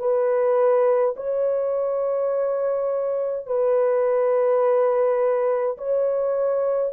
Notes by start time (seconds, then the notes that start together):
0.00 B4
1.17 C#5
3.47 B4
5.78 C#5